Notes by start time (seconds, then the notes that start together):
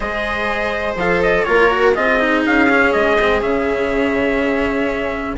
0.00 G#3 G#4 C5 D#5
0.95 F3 A4 F5
1.22 D#5
1.44 A#3 F4 A#4 C#5
1.70 F#4
1.95 C4 F4 G#4 D#5
2.19 D#4
2.45 C#4 F5
2.69 C#4
2.92 G#3 D#5
3.20 C4
3.41 C#3 C#4 E5